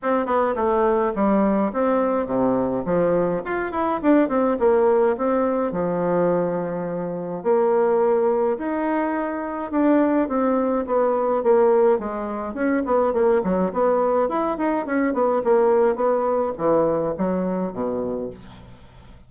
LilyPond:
\new Staff \with { instrumentName = "bassoon" } { \time 4/4 \tempo 4 = 105 c'8 b8 a4 g4 c'4 | c4 f4 f'8 e'8 d'8 c'8 | ais4 c'4 f2~ | f4 ais2 dis'4~ |
dis'4 d'4 c'4 b4 | ais4 gis4 cis'8 b8 ais8 fis8 | b4 e'8 dis'8 cis'8 b8 ais4 | b4 e4 fis4 b,4 | }